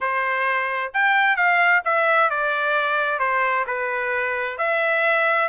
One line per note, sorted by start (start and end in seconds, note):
0.00 0.92 C5
0.93 1.36 G5
1.36 1.82 F5
1.84 2.30 E5
2.30 3.19 D5
3.19 3.65 C5
3.66 4.58 B4
4.58 5.48 E5